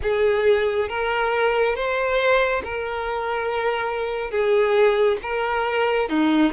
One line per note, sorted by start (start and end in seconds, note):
0.02 0.89 G#4
0.89 1.75 A#4
1.75 2.62 C5
2.63 4.30 A#4
4.30 5.17 G#4
5.22 6.09 A#4
6.09 6.52 D#4